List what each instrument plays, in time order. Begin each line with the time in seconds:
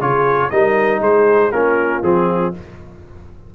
0.00 tuba C#3, trombone F4, horn G#4, trumpet C#5
0.50 tuba G3, trombone D#4, horn A#4, trumpet D#5
1.01 tuba G#3, horn G#4, trumpet C5
1.52 tuba A#3, trombone C#4, horn F4, trumpet A#4
2.02 tuba F3, trombone C4, trumpet G#4